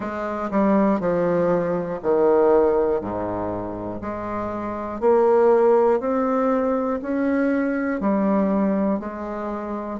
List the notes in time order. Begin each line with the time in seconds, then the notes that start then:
0.00 G#3
0.50 G3
1.00 F3
2.02 D#3
3.00 G#2
4.00 G#3
5.00 A#3
6.00 C4
7.02 C#4
8.00 G3
9.00 G#3